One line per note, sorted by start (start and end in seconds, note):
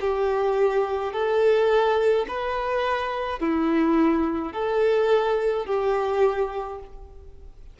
0.00 1.13 G4
1.13 2.26 A4
2.27 3.39 B4
3.39 4.52 E4
4.52 5.66 A4
5.66 6.79 G4